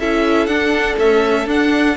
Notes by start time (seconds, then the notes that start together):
0.00 C#4 E4 A4 E5
0.47 D4 F#5
0.97 A3 C#4 E5
1.46 D4 F#5